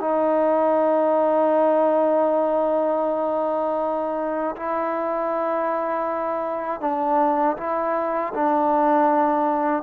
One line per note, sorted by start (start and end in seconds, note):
0.00 4.56 D#4
4.56 6.80 E4
6.80 7.56 D4
7.57 8.33 E4
8.34 9.83 D4